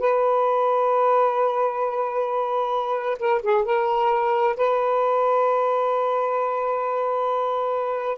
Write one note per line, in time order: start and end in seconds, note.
0.00 3.18 B4
3.19 3.42 A#4
3.43 3.65 G#4
3.65 4.56 A#4
4.57 8.18 B4